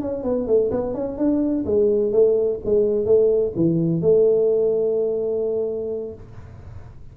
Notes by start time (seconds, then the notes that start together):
0.00 C#4
0.23 B3
0.47 A3
0.71 B3
0.94 C#4
1.17 D4
1.65 G#3
2.12 A3
2.65 G#3
3.05 A3
3.55 E3
4.01 A3